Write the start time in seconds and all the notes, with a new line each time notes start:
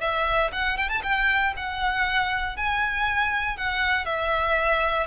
0.00 E5
0.52 F#5
0.77 G5
0.89 A5
1.03 G5
1.56 F#5
2.56 G#5
3.57 F#5
4.05 E5